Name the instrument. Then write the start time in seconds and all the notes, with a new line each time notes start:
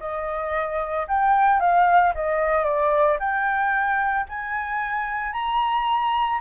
flute
0.00 D#5
1.08 G5
1.60 F5
2.15 D#5
2.64 D5
3.19 G5
4.29 G#5
5.33 A#5